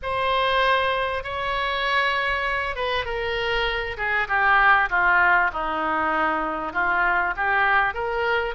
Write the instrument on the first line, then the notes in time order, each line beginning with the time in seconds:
oboe
0.02 C5
1.23 C#5
2.76 B4
3.05 A#4
3.97 G#4
4.27 G4
4.89 F4
5.52 D#4
6.72 F4
7.36 G4
7.93 A#4